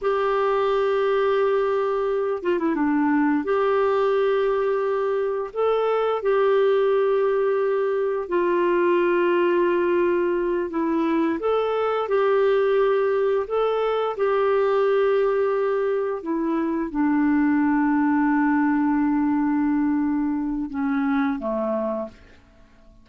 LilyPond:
\new Staff \with { instrumentName = "clarinet" } { \time 4/4 \tempo 4 = 87 g'2.~ g'8 f'16 e'16 | d'4 g'2. | a'4 g'2. | f'2.~ f'8 e'8~ |
e'8 a'4 g'2 a'8~ | a'8 g'2. e'8~ | e'8 d'2.~ d'8~ | d'2 cis'4 a4 | }